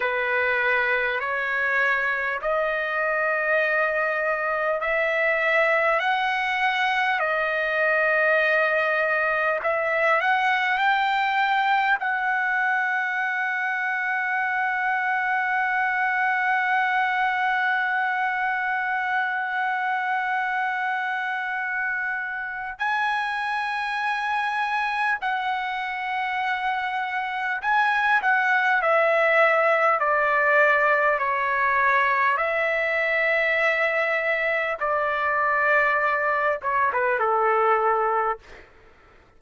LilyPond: \new Staff \with { instrumentName = "trumpet" } { \time 4/4 \tempo 4 = 50 b'4 cis''4 dis''2 | e''4 fis''4 dis''2 | e''8 fis''8 g''4 fis''2~ | fis''1~ |
fis''2. gis''4~ | gis''4 fis''2 gis''8 fis''8 | e''4 d''4 cis''4 e''4~ | e''4 d''4. cis''16 b'16 a'4 | }